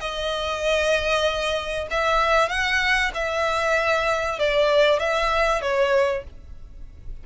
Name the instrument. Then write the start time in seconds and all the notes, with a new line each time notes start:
violin
0.00 D#5
1.91 E5
2.49 F#5
3.14 E5
4.39 D5
4.99 E5
5.61 C#5